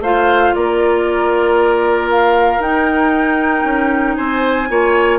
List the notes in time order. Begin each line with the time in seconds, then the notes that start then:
0.00 A3 F4 C5 F5
0.54 A#3 A#4 D5
2.10 F5
2.59 D#4 G5
3.64 C#4
4.15 C4 C5 G#5
4.69 A#3 F4 C#5